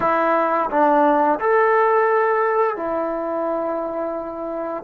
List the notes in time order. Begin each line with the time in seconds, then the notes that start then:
0.00 E4
0.70 D4
1.39 A4
2.76 E4